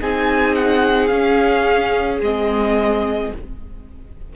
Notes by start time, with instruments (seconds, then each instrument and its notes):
0.00 cello C4, viola D#4, violin G#4 G#5
0.56 violin F#5
1.08 viola C#4, cello C#4, violin F5
2.22 cello G#3, viola C4, violin D#5